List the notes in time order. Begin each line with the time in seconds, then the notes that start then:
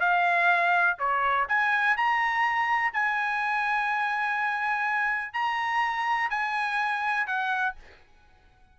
0.00 F5
0.99 C#5
1.48 G#5
1.96 A#5
2.93 G#5
5.33 A#5
6.30 G#5
7.27 F#5